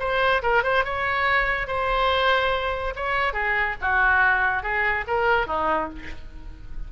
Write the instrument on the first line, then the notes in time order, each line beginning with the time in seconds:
oboe
0.00 C5
0.43 A#4
0.64 C5
0.85 C#5
1.68 C5
2.96 C#5
3.34 G#4
3.82 F#4
4.63 G#4
5.08 A#4
5.47 D#4